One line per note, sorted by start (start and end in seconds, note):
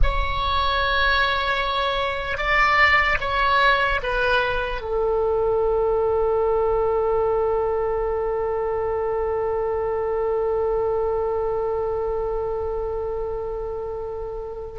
0.02 2.37 C#5
2.37 3.17 D5
3.20 4.00 C#5
4.03 4.81 B4
4.81 14.79 A4